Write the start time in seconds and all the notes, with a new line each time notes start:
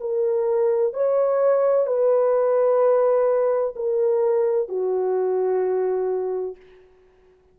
0.00 A#4
0.93 C#5
1.86 B4
3.76 A#4
4.68 F#4